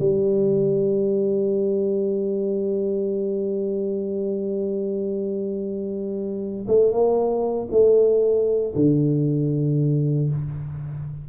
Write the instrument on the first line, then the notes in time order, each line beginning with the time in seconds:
tuba
0.00 G3
6.68 A3
6.92 A#3
7.72 A3
8.76 D3